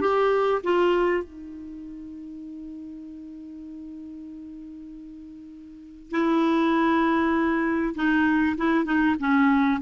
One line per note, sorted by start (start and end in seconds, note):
0.00 0.61 G4
0.63 1.23 F4
1.23 6.11 D#4
6.11 7.94 E4
7.95 8.56 D#4
8.57 8.85 E4
8.85 9.15 D#4
9.19 9.80 C#4